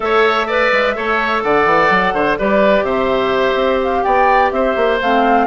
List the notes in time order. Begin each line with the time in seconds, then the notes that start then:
0.00 A3 A4 C#5 E5
0.46 B4 D5
0.72 G#3
0.95 A3 A4 C#5
1.42 D3 D5 F#5
1.65 E3
1.90 F#3
2.13 D3 C5
2.38 G3 G4 B4 D5
2.82 C3 C5 E5
3.54 C4
3.83 F5
4.03 B3 D5 G5
4.51 C4 C5 E5
4.76 A#3
5.01 A3 C4 F5